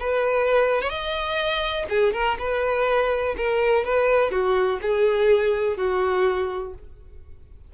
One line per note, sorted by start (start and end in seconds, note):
0.00 0.82 B4
0.82 0.90 C#5
0.90 1.86 D#5
1.90 2.13 G#4
2.13 2.38 A#4
2.39 3.36 B4
3.37 3.85 A#4
3.85 4.31 B4
4.31 4.80 F#4
4.82 5.77 G#4
5.77 6.74 F#4